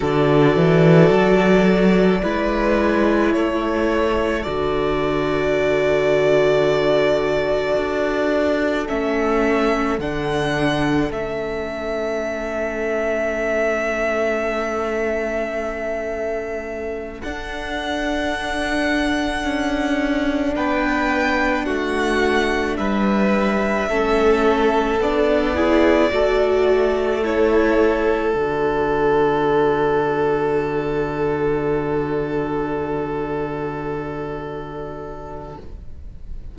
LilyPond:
<<
  \new Staff \with { instrumentName = "violin" } { \time 4/4 \tempo 4 = 54 d''2. cis''4 | d''1 | e''4 fis''4 e''2~ | e''2.~ e''8 fis''8~ |
fis''2~ fis''8 g''4 fis''8~ | fis''8 e''2 d''4.~ | d''8 cis''4 d''2~ d''8~ | d''1 | }
  \new Staff \with { instrumentName = "violin" } { \time 4/4 a'2 b'4 a'4~ | a'1~ | a'1~ | a'1~ |
a'2~ a'8 b'4 fis'8~ | fis'8 b'4 a'4. gis'8 a'8~ | a'1~ | a'1 | }
  \new Staff \with { instrumentName = "viola" } { \time 4/4 fis'2 e'2 | fis'1 | cis'4 d'4 cis'2~ | cis'2.~ cis'8 d'8~ |
d'1~ | d'4. cis'4 d'8 e'8 fis'8~ | fis'8 e'4 fis'2~ fis'8~ | fis'1 | }
  \new Staff \with { instrumentName = "cello" } { \time 4/4 d8 e8 fis4 gis4 a4 | d2. d'4 | a4 d4 a2~ | a2.~ a8 d'8~ |
d'4. cis'4 b4 a8~ | a8 g4 a4 b4 a8~ | a4. d2~ d8~ | d1 | }
>>